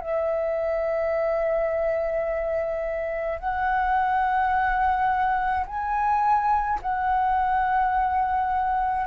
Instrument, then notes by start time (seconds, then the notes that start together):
flute
0.00 E5
3.39 F#5
5.67 G#5
6.82 F#5